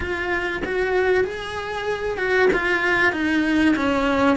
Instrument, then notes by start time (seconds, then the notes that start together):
cello
0.00 F4
0.64 F#4
1.24 G#4
2.17 F#4
2.53 F4
3.12 D#4
3.76 C#4